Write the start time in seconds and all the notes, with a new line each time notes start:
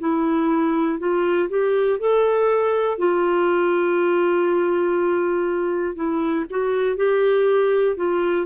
0.00 E4
0.99 F4
1.50 G4
2.00 A4
2.99 F4
5.95 E4
6.50 F#4
6.96 G4
7.97 F4